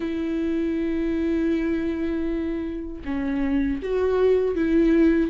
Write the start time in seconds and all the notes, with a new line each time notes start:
0.00 E4
3.04 C#4
3.82 F#4
4.55 E4